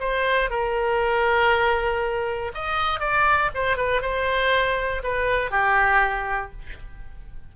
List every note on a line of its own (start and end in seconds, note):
0.00 0.50 C5
0.50 2.52 A#4
2.55 3.00 D#5
3.00 3.50 D5
3.55 3.77 C5
3.77 4.02 B4
4.02 5.03 C5
5.03 5.51 B4
5.51 6.52 G4